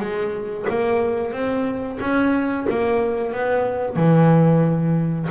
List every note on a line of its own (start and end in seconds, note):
0.00 0.66 G#3
0.70 1.33 A#3
1.33 1.99 C4
2.01 2.67 C#4
2.70 3.33 A#3
3.33 3.96 B3
3.96 5.28 E3